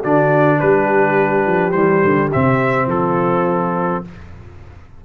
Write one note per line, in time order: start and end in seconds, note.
0.00 0.61 D3
0.00 1.73 D4
0.00 0.57 F#4
0.00 0.59 D5
0.59 1.46 G3
0.59 2.88 G4
0.59 1.71 B4
1.46 1.74 F3
1.71 2.02 E3
1.71 2.30 G3
1.71 2.28 C5
2.04 2.32 D3
2.32 2.86 C3
2.32 4.04 C4
2.32 2.89 E5
2.86 4.00 F3
2.86 4.03 F4
2.86 4.03 A4